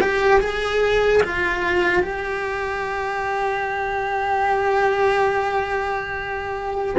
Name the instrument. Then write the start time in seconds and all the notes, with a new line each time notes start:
cello
0.00 G4
0.40 G#4
1.23 F4
2.02 G4